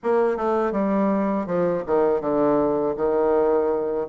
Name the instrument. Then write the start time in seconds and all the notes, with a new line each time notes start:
bassoon
0.03 A#3
0.36 A3
0.72 G3
1.46 F3
1.86 D#3
2.20 D3
2.96 D#3